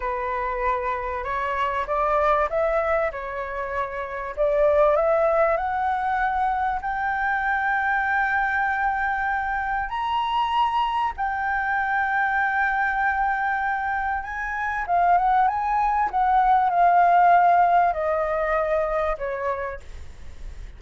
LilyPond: \new Staff \with { instrumentName = "flute" } { \time 4/4 \tempo 4 = 97 b'2 cis''4 d''4 | e''4 cis''2 d''4 | e''4 fis''2 g''4~ | g''1 |
ais''2 g''2~ | g''2. gis''4 | f''8 fis''8 gis''4 fis''4 f''4~ | f''4 dis''2 cis''4 | }